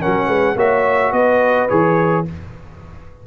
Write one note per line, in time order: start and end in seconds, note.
0.00 0.56 C#4
0.00 0.26 A#4
0.00 0.57 F#5
0.06 0.27 F#3
0.26 0.55 G#3
0.26 0.54 B4
0.56 1.12 A#3
0.56 1.69 F#4
0.56 1.12 C#5
0.56 1.12 E5
1.12 1.68 B3
1.12 2.25 B4
1.12 1.68 D#5
1.69 2.26 E3
1.69 2.25 G#4
1.69 2.25 C#5